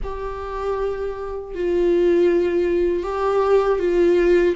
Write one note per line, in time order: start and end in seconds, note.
0.03 1.54 G4
1.54 3.03 F4
3.03 3.79 G4
3.79 4.55 F4